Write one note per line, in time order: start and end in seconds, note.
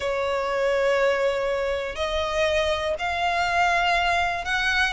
0.00 1.95 C#5
1.95 2.94 D#5
2.98 4.44 F5
4.44 4.93 F#5